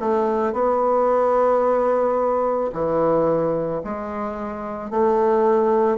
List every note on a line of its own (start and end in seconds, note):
0.00 0.53 A3
0.53 2.71 B3
2.73 3.82 E3
3.84 4.90 G#3
4.90 5.98 A3